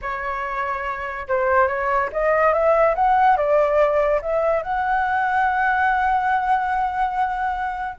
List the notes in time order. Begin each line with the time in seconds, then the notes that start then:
0.01 C#5
1.28 C5
1.67 C#5
2.12 D#5
2.53 E5
2.95 F#5
3.36 D5
4.21 E5
4.62 F#5